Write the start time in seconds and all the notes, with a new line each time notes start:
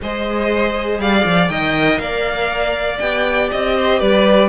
0.02 G#3 G#4 C5 D#5
0.98 G3 D5 F5
1.24 F3
1.48 D#3 A#4 D#5 G5
1.98 A#3 D5 F5
2.99 B3 G4 G5
3.51 C4 D#5
3.76 C5
3.99 G3 B4 D5